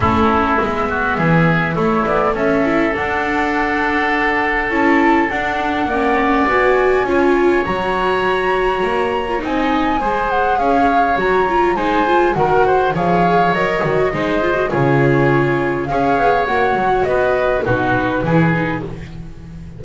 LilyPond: <<
  \new Staff \with { instrumentName = "flute" } { \time 4/4 \tempo 4 = 102 a'4 e''2 cis''8 d''8 | e''4 fis''2. | a''4 fis''2 gis''4~ | gis''4 ais''2. |
gis''4. fis''8 f''4 ais''4 | gis''4 fis''4 f''4 dis''4~ | dis''4 cis''2 f''4 | fis''4 dis''4 b'2 | }
  \new Staff \with { instrumentName = "oboe" } { \time 4/4 e'4. fis'8 gis'4 e'4 | a'1~ | a'2 d''2 | cis''1 |
dis''4 c''4 cis''2 | c''4 ais'8 c''8 cis''2 | c''4 gis'2 cis''4~ | cis''4 b'4 fis'4 gis'4 | }
  \new Staff \with { instrumentName = "viola" } { \time 4/4 cis'4 b2 a4~ | a8 e'8 d'2. | e'4 d'4 cis'4 fis'4 | f'4 fis'2~ fis'8. f'16 |
dis'4 gis'2 fis'8 f'8 | dis'8 f'8 fis'4 gis'4 ais'8 fis'8 | dis'8 f'16 fis'16 f'2 gis'4 | fis'2 dis'4 e'8 dis'8 | }
  \new Staff \with { instrumentName = "double bass" } { \time 4/4 a4 gis4 e4 a8 b8 | cis'4 d'2. | cis'4 d'4 ais4 b4 | cis'4 fis2 ais4 |
c'4 gis4 cis'4 fis4 | gis4 dis4 f4 fis8 dis8 | gis4 cis2 cis'8 b8 | ais8 fis8 b4 b,4 e4 | }
>>